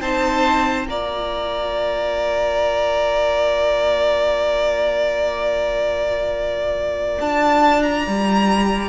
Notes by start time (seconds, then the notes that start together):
0.00 C4 D#4 C5 A5
0.86 A#3 F4 D5 A#5
7.20 D4 A5
7.83 A#5
8.07 G3